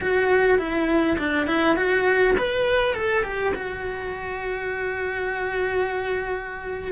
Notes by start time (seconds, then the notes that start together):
0.00 F#4
0.58 E4
1.18 D4
1.46 E4
1.76 F#4
2.38 B4
2.94 A4
3.23 G4
3.54 F#4